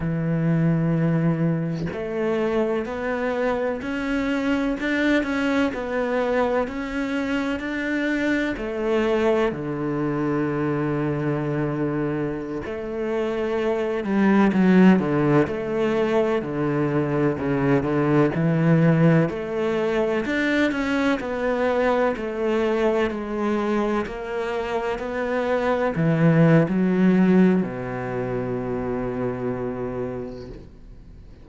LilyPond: \new Staff \with { instrumentName = "cello" } { \time 4/4 \tempo 4 = 63 e2 a4 b4 | cis'4 d'8 cis'8 b4 cis'4 | d'4 a4 d2~ | d4~ d16 a4. g8 fis8 d16~ |
d16 a4 d4 cis8 d8 e8.~ | e16 a4 d'8 cis'8 b4 a8.~ | a16 gis4 ais4 b4 e8. | fis4 b,2. | }